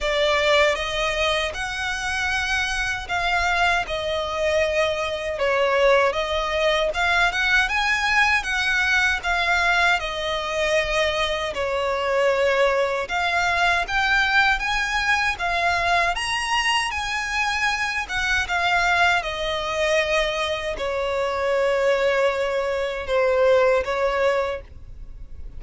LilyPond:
\new Staff \with { instrumentName = "violin" } { \time 4/4 \tempo 4 = 78 d''4 dis''4 fis''2 | f''4 dis''2 cis''4 | dis''4 f''8 fis''8 gis''4 fis''4 | f''4 dis''2 cis''4~ |
cis''4 f''4 g''4 gis''4 | f''4 ais''4 gis''4. fis''8 | f''4 dis''2 cis''4~ | cis''2 c''4 cis''4 | }